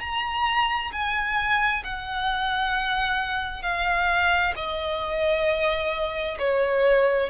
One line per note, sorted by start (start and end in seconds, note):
0.00 0.91 A#5
0.92 1.83 G#5
1.83 3.62 F#5
3.62 4.53 F5
4.56 6.38 D#5
6.38 7.29 C#5